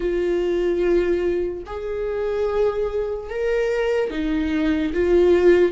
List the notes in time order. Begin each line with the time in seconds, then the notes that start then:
0.00 F4
1.66 G#4
3.29 A#4
4.10 D#4
4.93 F4